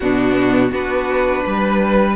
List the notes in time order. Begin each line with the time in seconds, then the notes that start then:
0.00 B2 B3 D4 F#4
0.71 B3 D4 F#4 B4
1.45 G3 B4